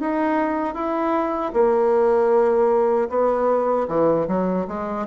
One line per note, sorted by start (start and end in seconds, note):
0.00 0.74 D#4
0.74 1.52 E4
1.53 3.09 A#3
3.09 3.87 B3
3.88 4.27 E3
4.28 4.66 F#3
4.68 5.06 G#3